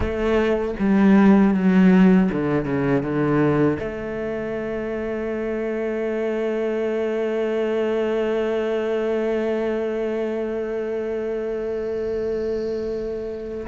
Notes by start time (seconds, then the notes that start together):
0.00 A3
0.79 G3
1.54 F#3
2.32 D3
2.65 C#3
3.02 D3
3.79 A3